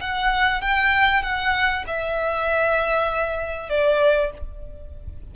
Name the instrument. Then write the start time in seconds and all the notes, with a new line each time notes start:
violin
0.00 F#5
0.61 G5
1.22 F#5
1.87 E5
3.69 D5